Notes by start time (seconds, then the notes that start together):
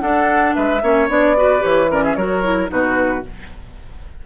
0.00 D4 A4 F#5
0.54 G#3 B4 E5
0.82 A#3 C#4 C#5
1.08 B3 D4 D5
1.36 F#4 B4
1.59 E3 G4 C#5
1.90 C#4 A#4 D5
2.03 G#4 E5
2.15 F#3 F#4 A#4 C#5
2.43 E4
2.67 B2 D#4 F#4 B4